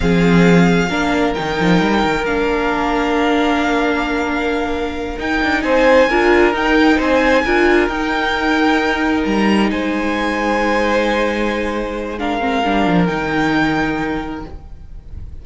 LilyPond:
<<
  \new Staff \with { instrumentName = "violin" } { \time 4/4 \tempo 4 = 133 f''2. g''4~ | g''4 f''2.~ | f''2.~ f''8 g''8~ | g''8 gis''2 g''4 gis''8~ |
gis''4. g''2~ g''8~ | g''8 ais''4 gis''2~ gis''8~ | gis''2. f''4~ | f''4 g''2. | }
  \new Staff \with { instrumentName = "violin" } { \time 4/4 gis'2 ais'2~ | ais'1~ | ais'1~ | ais'8 c''4 ais'2 c''8~ |
c''8 ais'2.~ ais'8~ | ais'4. c''2~ c''8~ | c''2. ais'4~ | ais'1 | }
  \new Staff \with { instrumentName = "viola" } { \time 4/4 c'2 d'4 dis'4~ | dis'4 d'2.~ | d'2.~ d'8 dis'8~ | dis'4. f'4 dis'4.~ |
dis'8 f'4 dis'2~ dis'8~ | dis'1~ | dis'2. d'8 c'8 | d'4 dis'2. | }
  \new Staff \with { instrumentName = "cello" } { \time 4/4 f2 ais4 dis8 f8 | g8 dis8 ais2.~ | ais2.~ ais8 dis'8 | d'8 c'4 d'4 dis'4 c'8~ |
c'8 d'4 dis'2~ dis'8~ | dis'8 g4 gis2~ gis8~ | gis1 | g8 f8 dis2. | }
>>